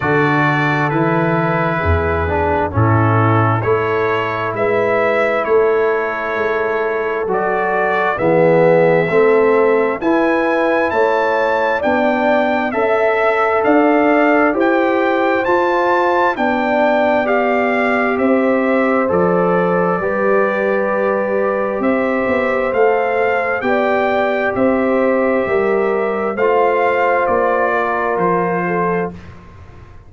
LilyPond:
<<
  \new Staff \with { instrumentName = "trumpet" } { \time 4/4 \tempo 4 = 66 d''4 b'2 a'4 | cis''4 e''4 cis''2 | d''4 e''2 gis''4 | a''4 g''4 e''4 f''4 |
g''4 a''4 g''4 f''4 | e''4 d''2. | e''4 f''4 g''4 e''4~ | e''4 f''4 d''4 c''4 | }
  \new Staff \with { instrumentName = "horn" } { \time 4/4 a'2 gis'4 e'4 | a'4 b'4 a'2~ | a'4 gis'4 a'4 b'4 | cis''4 d''4 e''4 d''4 |
c''2 d''2 | c''2 b'2 | c''2 d''4 c''4 | ais'4 c''4. ais'4 a'8 | }
  \new Staff \with { instrumentName = "trombone" } { \time 4/4 fis'4 e'4. d'8 cis'4 | e'1 | fis'4 b4 c'4 e'4~ | e'4 d'4 a'2 |
g'4 f'4 d'4 g'4~ | g'4 a'4 g'2~ | g'4 a'4 g'2~ | g'4 f'2. | }
  \new Staff \with { instrumentName = "tuba" } { \time 4/4 d4 e4 e,4 a,4 | a4 gis4 a4 gis4 | fis4 e4 a4 e'4 | a4 b4 cis'4 d'4 |
e'4 f'4 b2 | c'4 f4 g2 | c'8 b8 a4 b4 c'4 | g4 a4 ais4 f4 | }
>>